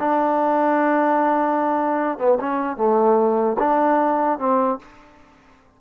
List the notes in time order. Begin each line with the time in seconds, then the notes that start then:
0.00 D4
2.19 B3
2.40 C#4
2.77 A3
3.59 D4
4.39 C4